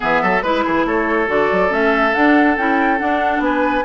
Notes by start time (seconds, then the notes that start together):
0.00 E3 B3 G#4 E5
0.21 F#3 A4
0.42 G#3 E4 B4
0.64 E3 G#4
0.85 A3 A4 C#5
1.27 D3 F#4 D5
1.51 F#3
1.69 A3 C#4 E5
2.13 D4 F#5
2.57 C#4 E4 G5
2.98 D4 F#5
3.39 B3 B4 G#5